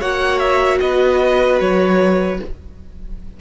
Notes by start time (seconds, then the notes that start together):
0.00 A#3 F#4 C#5 F#5
0.39 E5
0.80 B3 B4 D#5
1.61 F#3 C#5